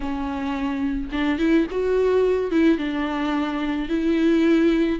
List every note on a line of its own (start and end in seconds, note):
0.00 1.09 C#4
1.11 1.39 D4
1.39 1.66 E4
1.70 2.51 F#4
2.51 2.78 E4
2.78 3.88 D4
3.88 4.99 E4